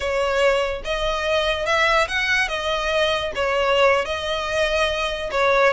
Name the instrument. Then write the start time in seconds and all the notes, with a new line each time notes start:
violin
0.00 C#5
0.84 D#5
1.66 E5
2.08 F#5
2.48 D#5
3.35 C#5
4.05 D#5
5.31 C#5